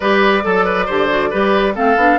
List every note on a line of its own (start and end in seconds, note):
0.00 0.44 G3
0.00 0.42 G4
0.00 0.43 B4
0.00 1.74 D5
0.42 0.88 F#3
0.42 0.86 A4
0.42 0.64 A4
0.64 0.85 B4
0.85 1.33 D3
0.85 1.09 G4
0.85 1.29 C5
1.09 1.31 F#4
1.30 1.77 G3
1.30 1.75 G4
1.30 1.74 B4
1.75 1.96 A3
1.75 1.97 C4
1.75 2.18 A4
1.75 2.18 F5
1.96 2.18 B3
1.96 2.18 D4